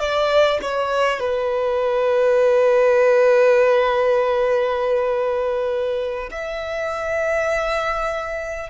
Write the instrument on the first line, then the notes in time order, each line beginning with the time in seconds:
violin
0.00 D5
0.62 C#5
1.20 B4
6.31 E5